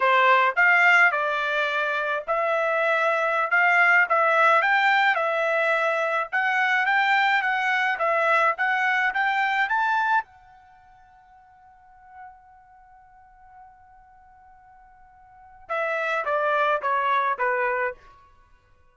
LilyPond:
\new Staff \with { instrumentName = "trumpet" } { \time 4/4 \tempo 4 = 107 c''4 f''4 d''2 | e''2~ e''16 f''4 e''8.~ | e''16 g''4 e''2 fis''8.~ | fis''16 g''4 fis''4 e''4 fis''8.~ |
fis''16 g''4 a''4 fis''4.~ fis''16~ | fis''1~ | fis''1 | e''4 d''4 cis''4 b'4 | }